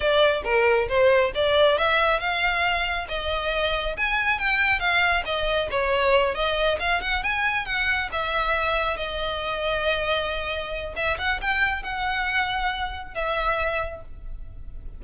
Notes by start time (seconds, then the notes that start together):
0.00 D5
0.44 A#4
0.88 C5
1.34 D5
1.78 E5
2.19 F5
3.08 D#5
3.97 G#5
4.38 G5
4.79 F5
5.25 D#5
5.70 C#5
6.34 D#5
6.79 F5
7.01 F#5
7.23 G#5
7.65 F#5
8.12 E5
8.97 D#5
10.95 E5
11.18 F#5
11.41 G5
11.82 F#5
13.14 E5